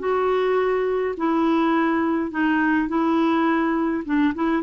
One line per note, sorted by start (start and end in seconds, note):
0.00 1.15 F#4
1.17 2.32 E4
2.32 2.89 D#4
2.89 4.04 E4
4.05 4.34 D4
4.35 4.64 E4